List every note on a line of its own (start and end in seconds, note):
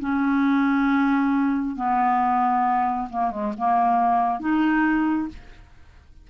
0.00 1.76 C#4
1.77 3.09 B3
3.10 3.31 A#3
3.31 3.53 G#3
3.58 4.40 A#3
4.40 5.29 D#4